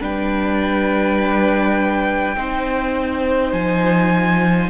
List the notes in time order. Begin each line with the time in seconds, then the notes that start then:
0.00 G3 D4 B4 G5
2.35 C4 D#4 C5
3.52 F3 G#5